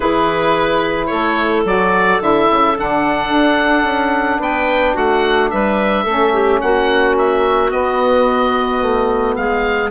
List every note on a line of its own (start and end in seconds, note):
0.00 1.10 E3
0.00 1.65 E4
0.00 1.08 G#4
0.00 1.06 B4
1.06 1.64 A3
1.06 4.39 A4
1.06 1.61 C#5
1.64 2.19 F#3
1.64 2.19 F#4
1.64 2.22 D5
2.19 2.48 D3
2.19 2.74 E4
2.19 2.77 E5
2.50 2.78 C#3
2.74 3.29 D3
2.74 6.05 D4
2.74 4.42 F#5
3.29 3.83 D4
3.83 4.39 C#4
4.39 4.94 B3
4.39 4.94 B4
4.39 4.97 G5
4.94 5.51 A3
4.94 5.49 F#4
4.94 5.50 F#5
5.50 6.05 G3
5.50 6.04 B4
5.50 6.60 E5
6.04 6.60 A3
6.04 7.68 C#4
6.04 6.31 A4
6.33 6.60 G4
6.61 7.72 A#3
6.61 9.38 F#4
6.61 7.16 F#5
7.18 7.71 E5
7.68 9.89 B3
7.68 8.81 B3
7.68 9.35 D#5
8.81 9.36 A3
9.35 9.90 G#3
9.35 9.90 G#4
9.35 9.90 F5